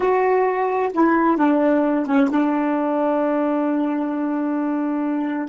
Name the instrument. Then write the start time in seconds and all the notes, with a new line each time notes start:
saxophone
0.00 F#4
0.93 E4
1.37 D4
2.06 C#4
2.30 D4